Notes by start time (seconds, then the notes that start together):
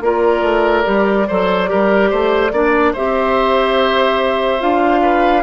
0.00 A#3 F4 A#4 D5
0.41 A3
0.84 G3 G4
1.27 F#3 A4 C5
1.67 G3 G4 A#4
2.10 A3 C5
2.51 A#3 D4 D5
2.93 C4 G4 C5 E5
4.59 D4 F4 F5
5.01 B4